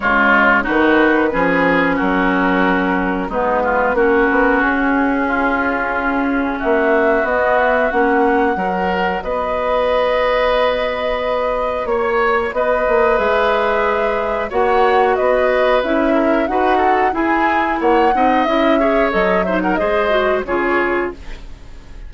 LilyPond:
<<
  \new Staff \with { instrumentName = "flute" } { \time 4/4 \tempo 4 = 91 cis''4 b'2 ais'4~ | ais'4 b'4 ais'4 gis'4~ | gis'2 e''4 dis''8 e''8 | fis''2 dis''2~ |
dis''2 cis''4 dis''4 | e''2 fis''4 dis''4 | e''4 fis''4 gis''4 fis''4 | e''4 dis''8 e''16 fis''16 dis''4 cis''4 | }
  \new Staff \with { instrumentName = "oboe" } { \time 4/4 f'4 fis'4 gis'4 fis'4~ | fis'4 dis'8 f'8 fis'2 | f'2 fis'2~ | fis'4 ais'4 b'2~ |
b'2 cis''4 b'4~ | b'2 cis''4 b'4~ | b'8 ais'8 b'8 a'8 gis'4 cis''8 dis''8~ | dis''8 cis''4 c''16 ais'16 c''4 gis'4 | }
  \new Staff \with { instrumentName = "clarinet" } { \time 4/4 gis4 dis'4 cis'2~ | cis'4 b4 cis'2~ | cis'2. b4 | cis'4 fis'2.~ |
fis'1 | gis'2 fis'2 | e'4 fis'4 e'4. dis'8 | e'8 gis'8 a'8 dis'8 gis'8 fis'8 f'4 | }
  \new Staff \with { instrumentName = "bassoon" } { \time 4/4 cis4 dis4 f4 fis4~ | fis4 gis4 ais8 b8 cis'4~ | cis'2 ais4 b4 | ais4 fis4 b2~ |
b2 ais4 b8 ais8 | gis2 ais4 b4 | cis'4 dis'4 e'4 ais8 c'8 | cis'4 fis4 gis4 cis4 | }
>>